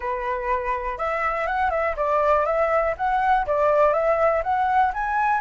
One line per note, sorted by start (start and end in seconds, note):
0.00 0.98 B4
0.98 1.46 E5
1.46 1.70 F#5
1.70 1.95 E5
1.96 2.45 D5
2.45 2.94 E5
2.97 3.46 F#5
3.46 3.93 D5
3.93 4.42 E5
4.43 4.92 F#5
4.93 5.41 G#5